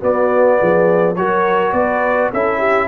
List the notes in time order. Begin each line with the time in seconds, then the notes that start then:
0.00 B3 F#4 D5
0.59 F3 G#4
1.15 F#3 F#4 A#4 C#5
1.72 B3 B4 D5
2.32 C#4 E4 A4 E5
2.58 G4